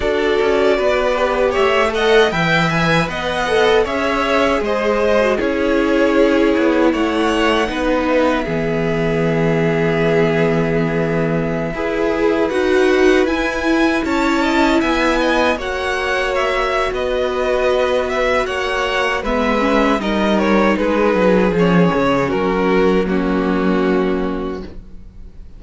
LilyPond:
<<
  \new Staff \with { instrumentName = "violin" } { \time 4/4 \tempo 4 = 78 d''2 e''8 fis''8 g''8 gis''8 | fis''4 e''4 dis''4 cis''4~ | cis''4 fis''4. e''4.~ | e''1~ |
e''16 fis''4 gis''4 a''4 gis''8.~ | gis''16 fis''4 e''8. dis''4. e''8 | fis''4 e''4 dis''8 cis''8 b'4 | cis''4 ais'4 fis'2 | }
  \new Staff \with { instrumentName = "violin" } { \time 4/4 a'4 b'4 cis''8 dis''8 e''4 | dis''4 cis''4 c''4 gis'4~ | gis'4 cis''4 b'4 gis'4~ | gis'2.~ gis'16 b'8.~ |
b'2~ b'16 cis''8 dis''8 e''8 dis''16~ | dis''16 cis''4.~ cis''16 b'2 | cis''4 b'4 ais'4 gis'4~ | gis'4 fis'4 cis'2 | }
  \new Staff \with { instrumentName = "viola" } { \time 4/4 fis'4. g'4 a'8 b'4~ | b'8 a'8 gis'4.~ gis'16 fis'16 e'4~ | e'2 dis'4 b4~ | b2.~ b16 gis'8.~ |
gis'16 fis'4 e'2~ e'8.~ | e'16 fis'2.~ fis'8.~ | fis'4 b8 cis'8 dis'2 | cis'2 ais2 | }
  \new Staff \with { instrumentName = "cello" } { \time 4/4 d'8 cis'8 b4 a4 e4 | b4 cis'4 gis4 cis'4~ | cis'8 b8 a4 b4 e4~ | e2.~ e16 e'8.~ |
e'16 dis'4 e'4 cis'4 b8.~ | b16 ais4.~ ais16 b2 | ais4 gis4 g4 gis8 fis8 | f8 cis8 fis2. | }
>>